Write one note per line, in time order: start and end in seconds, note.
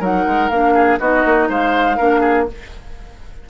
0.00 0.25 F#3
0.00 0.50 D#4
0.00 0.74 A#4
0.00 0.49 F#5
0.27 0.50 G#3
0.49 0.99 A#3
0.49 1.01 D4
0.49 0.98 F5
0.75 0.99 G#4
1.00 1.24 B3
1.00 1.98 D#4
1.00 1.49 F#4
1.00 1.50 D#5
1.26 1.49 A#3
1.49 1.98 G#3
1.49 1.97 C5
1.49 2.49 F5
1.97 2.50 A#3
1.97 2.47 D4
1.97 2.20 A#4
2.20 2.45 G#4